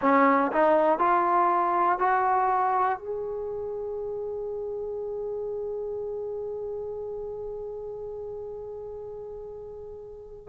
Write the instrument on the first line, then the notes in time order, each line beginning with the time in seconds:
trombone
0.01 C#4
0.51 D#4
0.98 F4
1.98 F#4
2.98 G#4